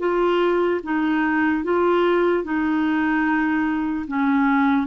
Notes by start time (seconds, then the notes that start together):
0.00 F4
0.84 D#4
1.64 F4
2.44 D#4
4.08 C#4